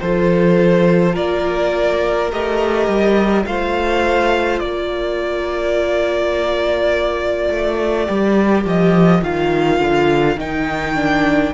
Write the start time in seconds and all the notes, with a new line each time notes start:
0.00 F3 F4 A4 C5
1.13 A#3 A#4 D5
2.31 A3 G4 D#5
2.87 G3
3.46 A3 F4 C5 F5
4.59 A#3 A#4 D5
7.50 A3
8.06 G3 G4
8.65 F3 D#5
9.22 D#3 F4 F5
9.80 D3
10.36 D#3 D#4 G5
10.95 D4